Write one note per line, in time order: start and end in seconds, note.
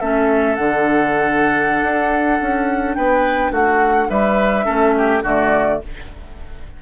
0.00 0.58 A3
0.00 0.58 C#4
0.00 2.97 A4
0.00 0.56 E5
0.56 1.83 D3
0.56 4.65 D4
0.56 2.95 F#5
1.83 2.40 D4
2.42 2.97 C#4
2.95 3.52 B3
2.95 3.52 B4
2.95 3.52 G5
3.52 4.08 A3
3.52 4.08 F#4
3.52 4.10 F#5
4.10 4.67 G3
4.10 4.66 B4
4.10 5.23 E5
4.65 5.24 A3
4.65 5.22 C#4
4.65 4.94 A4
4.98 5.23 G4
5.23 5.80 D3
5.23 5.82 A3
5.23 5.80 F#4
5.23 5.83 D5